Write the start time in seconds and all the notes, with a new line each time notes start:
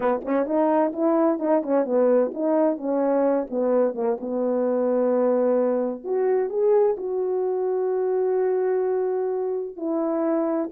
0.00 B3
0.25 C#4
0.45 D#4
0.92 E4
1.39 D#4
1.63 C#4
1.85 B3
2.33 D#4
2.77 C#4
3.50 B3
3.94 A#3
4.20 B3
6.03 F#4
6.49 G#4
6.97 F#4
9.76 E4